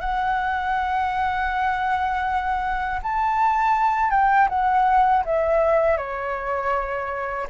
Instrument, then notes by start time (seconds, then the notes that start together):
flute
0.00 F#5
3.02 A5
4.10 G5
4.49 F#5
5.25 E5
5.97 C#5